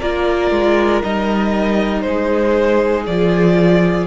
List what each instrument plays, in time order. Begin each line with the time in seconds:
0.00 cello A#3, viola F4, violin A#4 D5
0.51 cello G#3
1.03 cello G3, viola D#4, violin D#5
2.01 cello G#3, violin C5
2.08 violin G#4
3.06 cello F3, viola F4, violin D5